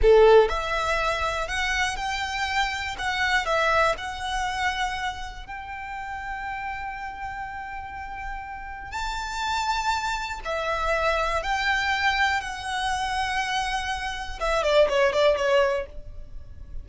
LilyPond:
\new Staff \with { instrumentName = "violin" } { \time 4/4 \tempo 4 = 121 a'4 e''2 fis''4 | g''2 fis''4 e''4 | fis''2. g''4~ | g''1~ |
g''2 a''2~ | a''4 e''2 g''4~ | g''4 fis''2.~ | fis''4 e''8 d''8 cis''8 d''8 cis''4 | }